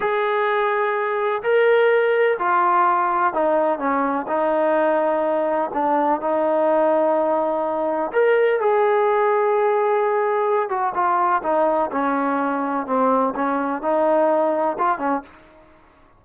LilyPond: \new Staff \with { instrumentName = "trombone" } { \time 4/4 \tempo 4 = 126 gis'2. ais'4~ | ais'4 f'2 dis'4 | cis'4 dis'2. | d'4 dis'2.~ |
dis'4 ais'4 gis'2~ | gis'2~ gis'8 fis'8 f'4 | dis'4 cis'2 c'4 | cis'4 dis'2 f'8 cis'8 | }